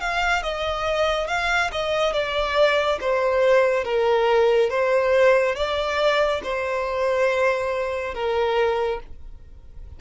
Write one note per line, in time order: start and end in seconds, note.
0.00 0.42 F5
0.42 1.27 D#5
1.27 1.70 F5
1.71 2.13 D#5
2.13 2.98 D5
3.00 3.84 C5
3.84 4.69 A#4
4.69 5.55 C5
5.55 6.41 D5
6.43 8.14 C5
8.14 9.00 A#4